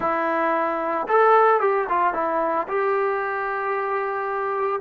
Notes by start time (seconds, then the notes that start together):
0.00 E4
1.07 A4
1.60 G4
1.89 F4
2.13 E4
2.67 G4